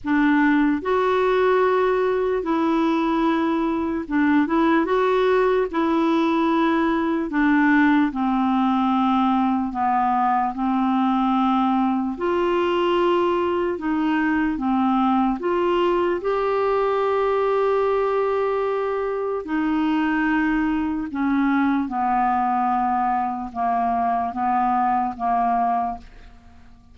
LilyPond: \new Staff \with { instrumentName = "clarinet" } { \time 4/4 \tempo 4 = 74 d'4 fis'2 e'4~ | e'4 d'8 e'8 fis'4 e'4~ | e'4 d'4 c'2 | b4 c'2 f'4~ |
f'4 dis'4 c'4 f'4 | g'1 | dis'2 cis'4 b4~ | b4 ais4 b4 ais4 | }